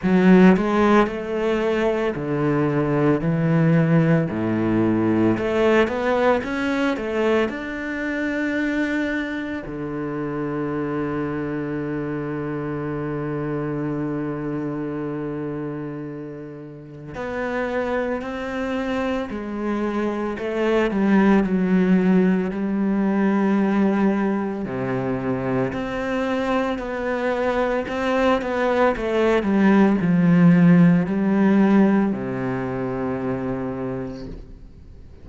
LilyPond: \new Staff \with { instrumentName = "cello" } { \time 4/4 \tempo 4 = 56 fis8 gis8 a4 d4 e4 | a,4 a8 b8 cis'8 a8 d'4~ | d'4 d2.~ | d1 |
b4 c'4 gis4 a8 g8 | fis4 g2 c4 | c'4 b4 c'8 b8 a8 g8 | f4 g4 c2 | }